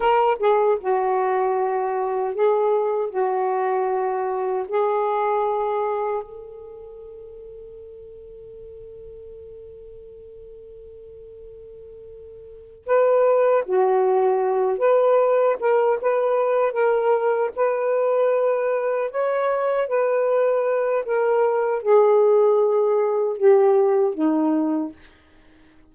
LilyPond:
\new Staff \with { instrumentName = "saxophone" } { \time 4/4 \tempo 4 = 77 ais'8 gis'8 fis'2 gis'4 | fis'2 gis'2 | a'1~ | a'1~ |
a'8 b'4 fis'4. b'4 | ais'8 b'4 ais'4 b'4.~ | b'8 cis''4 b'4. ais'4 | gis'2 g'4 dis'4 | }